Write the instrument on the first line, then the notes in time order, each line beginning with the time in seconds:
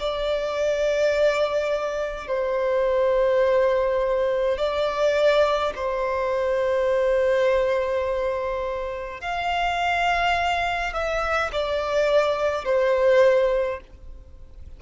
violin
0.00 D5
2.28 C5
4.58 D5
5.76 C5
9.21 F5
10.94 E5
11.53 D5
12.65 C5